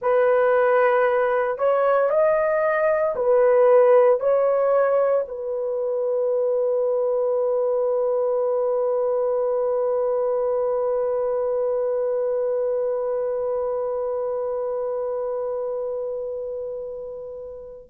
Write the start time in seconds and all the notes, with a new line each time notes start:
0.01 B4
1.57 C#5
2.10 D#5
3.15 B4
4.20 C#5
5.27 B4